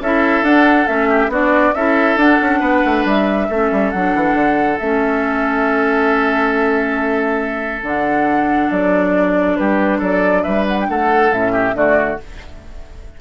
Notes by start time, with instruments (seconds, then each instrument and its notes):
0.00 bassoon C#4, clarinet E4, oboe A4, flute E5
0.42 bassoon D4, clarinet D4, flute F#5
0.86 bassoon A3, clarinet C#4, flute E5
1.09 oboe G4
1.28 bassoon B3, clarinet D4, oboe F#4, flute D5
1.74 bassoon C#4, clarinet E4, oboe A4, flute E5
2.16 bassoon D4, clarinet D4, flute F#5
2.41 bassoon C#4
2.60 bassoon B3, oboe B4
2.85 bassoon A3
3.04 bassoon G3, flute E5
3.49 bassoon A3, clarinet C#4, oboe A4
3.71 bassoon G3
3.90 bassoon F#3, clarinet D4, flute F#5
4.15 bassoon E3
4.34 bassoon D3
4.78 bassoon A3, clarinet C#4, flute E5
7.82 bassoon D3, clarinet D4, flute F#5
8.71 bassoon F#3, flute D5
9.56 bassoon G3, oboe G4, flute B4
9.98 bassoon F#3, oboe A4, flute D5
10.43 bassoon G3, oboe B4, flute E5
10.67 flute F#5
10.80 flute G5
10.88 bassoon A3, oboe A4, flute F#5
11.31 bassoon A2, clarinet C#4, flute E5
11.52 oboe G4
11.73 bassoon D3, clarinet A3, oboe F#4, flute D5